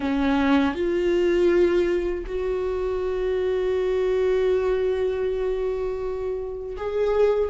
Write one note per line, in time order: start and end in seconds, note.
0.00 0.74 C#4
0.74 2.24 F4
2.26 6.76 F#4
6.77 7.49 G#4